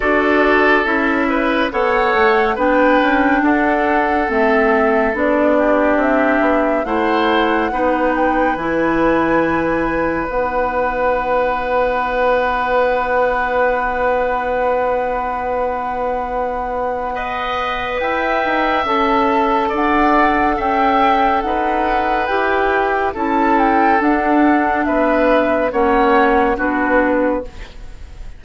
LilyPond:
<<
  \new Staff \with { instrumentName = "flute" } { \time 4/4 \tempo 4 = 70 d''4 e''4 fis''4 g''4 | fis''4 e''4 d''4 e''4 | fis''4. g''8 gis''2 | fis''1~ |
fis''1~ | fis''4 g''4 a''4 fis''4 | g''4 fis''4 g''4 a''8 g''8 | fis''4 e''4 fis''4 b'4 | }
  \new Staff \with { instrumentName = "oboe" } { \time 4/4 a'4. b'8 cis''4 b'4 | a'2~ a'8 g'4. | c''4 b'2.~ | b'1~ |
b'1 | dis''4 e''2 d''4 | e''4 b'2 a'4~ | a'4 b'4 cis''4 fis'4 | }
  \new Staff \with { instrumentName = "clarinet" } { \time 4/4 fis'4 e'4 a'4 d'4~ | d'4 c'4 d'2 | e'4 dis'4 e'2 | dis'1~ |
dis'1 | b'2 a'2~ | a'2 g'4 e'4 | d'2 cis'4 d'4 | }
  \new Staff \with { instrumentName = "bassoon" } { \time 4/4 d'4 cis'4 b8 a8 b8 cis'8 | d'4 a4 b4 c'8 b8 | a4 b4 e2 | b1~ |
b1~ | b4 e'8 dis'8 cis'4 d'4 | cis'4 dis'4 e'4 cis'4 | d'4 b4 ais4 b4 | }
>>